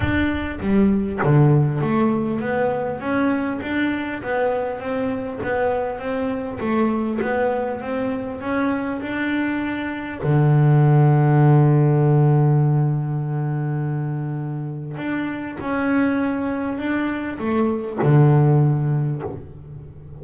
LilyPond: \new Staff \with { instrumentName = "double bass" } { \time 4/4 \tempo 4 = 100 d'4 g4 d4 a4 | b4 cis'4 d'4 b4 | c'4 b4 c'4 a4 | b4 c'4 cis'4 d'4~ |
d'4 d2.~ | d1~ | d4 d'4 cis'2 | d'4 a4 d2 | }